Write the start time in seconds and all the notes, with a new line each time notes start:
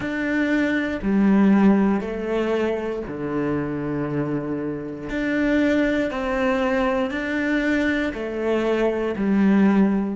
0.00 D4
1.02 G3
2.00 A3
3.07 D3
5.09 D4
6.10 C4
7.10 D4
8.13 A3
9.16 G3